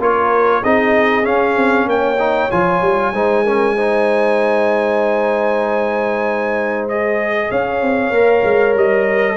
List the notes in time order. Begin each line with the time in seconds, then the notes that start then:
0.00 A#3 F4 A#4 C#5
0.62 C4 D#4 G#4 D#5
1.23 C#4 F5
1.56 C4
1.86 A#3 C#5 G5
2.19 D#4
2.51 F3 F4 G#5
2.82 G3
3.13 G#3 D#4 C5
3.44 C#4 A#4
3.75 D#4 C5
6.89 G#4 D#5
7.50 C#4 C#5 F5
7.82 C4
8.11 A#3 A#4
8.44 G#3
8.75 G3 D#5